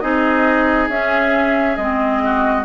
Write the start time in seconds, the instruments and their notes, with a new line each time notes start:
0.00 bassoon C4, clarinet D#4, oboe G#4, flute D#5
0.89 bassoon C#4, clarinet C#4, flute E5
1.76 bassoon G#3, clarinet C4, flute D#5
2.24 oboe F#4